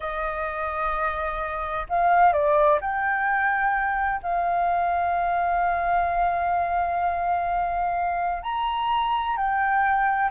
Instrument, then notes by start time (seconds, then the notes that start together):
flute
0.00 D#5
1.89 F5
2.32 D5
2.80 G5
4.22 F5
8.43 A#5
9.36 G5